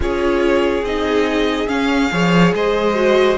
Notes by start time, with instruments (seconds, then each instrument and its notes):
0.00 cello C#4, viola F4, violin G#4 C#5
0.82 cello C4, viola D#4, violin D#5
1.67 viola C#4, cello C#4, violin F5
2.11 cello F3, viola G#4, violin C#5
2.53 cello G#3, violin C5 D#5
2.94 viola F#4